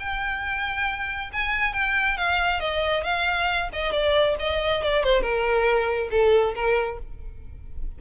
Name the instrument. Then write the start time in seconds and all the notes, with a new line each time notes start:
violin
0.00 G5
1.33 G#5
1.74 G5
2.18 F5
2.60 D#5
3.04 F5
3.73 D#5
3.92 D5
4.40 D#5
4.83 D5
5.04 C5
5.22 A#4
6.11 A4
6.55 A#4